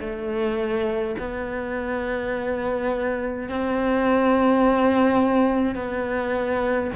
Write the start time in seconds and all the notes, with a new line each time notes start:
0.00 A3
1.19 B3
3.49 C4
5.75 B3